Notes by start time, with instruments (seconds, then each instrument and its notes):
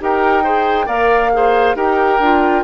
0.00 bassoon D#4, clarinet G4, oboe A#4, flute G5
0.44 clarinet G#4, oboe C5
0.86 bassoon A#3, clarinet A#4, oboe D5, flute F5
1.33 clarinet G#4, oboe C5
1.75 bassoon D#4, clarinet G4, oboe A#4, flute G5
2.19 bassoon D4, clarinet F4